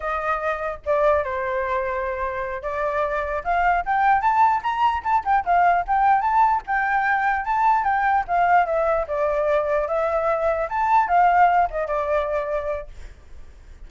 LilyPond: \new Staff \with { instrumentName = "flute" } { \time 4/4 \tempo 4 = 149 dis''2 d''4 c''4~ | c''2~ c''8 d''4.~ | d''8 f''4 g''4 a''4 ais''8~ | ais''8 a''8 g''8 f''4 g''4 a''8~ |
a''8 g''2 a''4 g''8~ | g''8 f''4 e''4 d''4.~ | d''8 e''2 a''4 f''8~ | f''4 dis''8 d''2~ d''8 | }